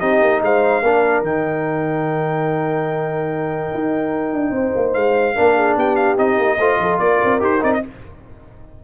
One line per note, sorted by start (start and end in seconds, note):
0.00 0.21 C4
0.00 0.83 D#4
0.00 0.41 G4
0.00 0.41 D#5
0.21 0.42 A#3
0.42 0.82 G#3
0.42 0.83 C5
0.42 1.24 F5
0.82 1.22 A#3
0.82 1.25 D4
0.82 4.53 A#4
1.22 3.68 D#3
1.22 5.35 D#4
1.22 4.94 G5
3.74 4.33 D#4
4.33 4.51 D4
4.51 4.71 C4
4.51 5.36 C5
4.76 4.95 A#3
4.94 5.36 G#3
4.94 5.76 F5
5.35 5.76 A#3
5.35 6.17 D4
5.35 5.56 A#4
5.56 5.76 G#4
5.76 6.18 B3
5.76 6.57 G4
5.76 5.96 G5
5.96 6.16 F5
6.17 6.38 C4
6.17 6.58 D#4
6.17 6.99 D#5
6.38 6.58 A#3
6.57 6.78 A3
6.57 7.40 F4
6.57 6.78 C5
6.79 6.99 F3
6.79 7.02 A4
6.99 7.20 A#3
6.99 7.84 A#4
6.99 7.40 D5
7.24 7.41 C4
7.40 7.61 D#4
7.40 7.60 G4
7.40 7.63 C5
7.60 7.83 C4
7.60 7.81 D#4
7.60 7.73 D5
7.74 7.84 D#5